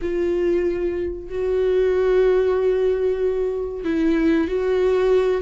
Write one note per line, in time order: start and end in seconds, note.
0.01 1.29 F4
1.29 3.84 F#4
3.84 4.47 E4
4.47 5.41 F#4